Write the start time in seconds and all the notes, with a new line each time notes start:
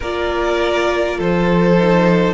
0.00 A#3 F4 A#4 D5
1.17 F3 A4 C5
1.77 D#4